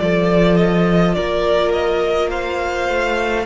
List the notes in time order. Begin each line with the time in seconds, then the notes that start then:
0.00 F3 F4 A4 D5
0.57 D#5
1.14 A#3 A#4 D5
1.73 D#5
2.29 C5 F5
2.89 A3